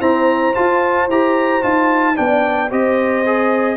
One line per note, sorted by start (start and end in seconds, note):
0.00 0.54 C4
0.00 0.55 E4
0.00 2.17 C5
0.00 0.55 A#5
0.55 1.10 F4
0.55 1.09 F4
0.55 1.09 A5
1.09 1.63 E4
1.09 1.62 G4
1.09 1.64 A#5
1.62 2.18 D#4
1.62 2.16 F4
1.62 2.17 A5
2.16 2.72 B3
2.16 2.70 D4
2.16 2.71 D5
2.16 2.71 G5
2.71 3.77 C4
2.71 3.25 G4
2.71 3.77 C5
2.71 3.77 D#5
3.26 3.77 G#4